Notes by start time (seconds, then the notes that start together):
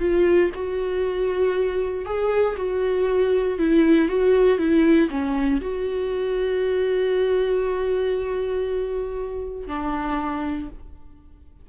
0.00 F4
0.55 F#4
2.05 G#4
2.57 F#4
3.59 E4
4.09 F#4
4.59 E4
5.10 C#4
5.61 F#4
9.68 D4